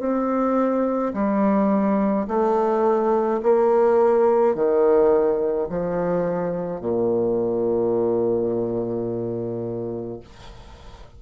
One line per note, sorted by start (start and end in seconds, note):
0.00 1.13 C4
1.14 2.27 G3
2.28 3.41 A3
3.43 4.55 A#3
4.55 5.69 D#3
5.70 6.81 F3
6.81 10.20 A#2